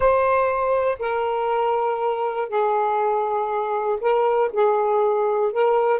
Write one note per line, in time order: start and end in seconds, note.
0.00 0.98 C5
0.99 2.48 A#4
2.48 3.98 G#4
4.00 4.50 A#4
4.52 5.52 G#4
5.52 6.00 A#4